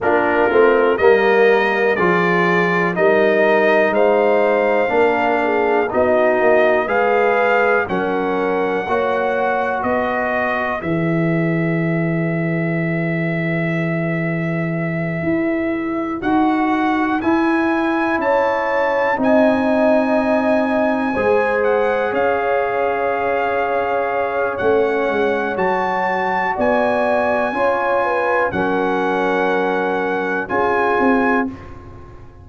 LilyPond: <<
  \new Staff \with { instrumentName = "trumpet" } { \time 4/4 \tempo 4 = 61 ais'4 dis''4 d''4 dis''4 | f''2 dis''4 f''4 | fis''2 dis''4 e''4~ | e''1~ |
e''8 fis''4 gis''4 a''4 gis''8~ | gis''2 fis''8 f''4.~ | f''4 fis''4 a''4 gis''4~ | gis''4 fis''2 gis''4 | }
  \new Staff \with { instrumentName = "horn" } { \time 4/4 f'4 ais'4 gis'4 ais'4 | c''4 ais'8 gis'8 fis'4 b'4 | ais'4 cis''4 b'2~ | b'1~ |
b'2~ b'8 cis''4 dis''8~ | dis''4. c''4 cis''4.~ | cis''2. d''4 | cis''8 b'8 ais'2 gis'4 | }
  \new Staff \with { instrumentName = "trombone" } { \time 4/4 d'8 c'8 ais4 f'4 dis'4~ | dis'4 d'4 dis'4 gis'4 | cis'4 fis'2 gis'4~ | gis'1~ |
gis'8 fis'4 e'2 dis'8~ | dis'4. gis'2~ gis'8~ | gis'4 cis'4 fis'2 | f'4 cis'2 f'4 | }
  \new Staff \with { instrumentName = "tuba" } { \time 4/4 ais8 a8 g4 f4 g4 | gis4 ais4 b8 ais8 gis4 | fis4 ais4 b4 e4~ | e2.~ e8 e'8~ |
e'8 dis'4 e'4 cis'4 c'8~ | c'4. gis4 cis'4.~ | cis'4 a8 gis8 fis4 b4 | cis'4 fis2 cis'8 c'8 | }
>>